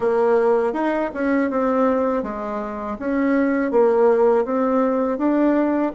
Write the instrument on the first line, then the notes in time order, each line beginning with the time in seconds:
bassoon
0.00 A#3
0.73 D#4
1.13 C#4
1.50 C4
2.23 G#3
2.99 C#4
3.71 A#3
4.44 C4
5.18 D4